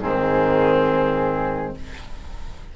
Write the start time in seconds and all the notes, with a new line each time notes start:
0.00 G#2 D#3 C4 G#4